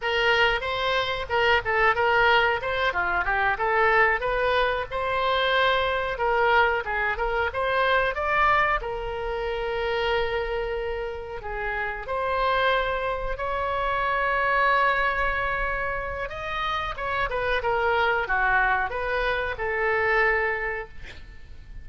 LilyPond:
\new Staff \with { instrumentName = "oboe" } { \time 4/4 \tempo 4 = 92 ais'4 c''4 ais'8 a'8 ais'4 | c''8 f'8 g'8 a'4 b'4 c''8~ | c''4. ais'4 gis'8 ais'8 c''8~ | c''8 d''4 ais'2~ ais'8~ |
ais'4. gis'4 c''4.~ | c''8 cis''2.~ cis''8~ | cis''4 dis''4 cis''8 b'8 ais'4 | fis'4 b'4 a'2 | }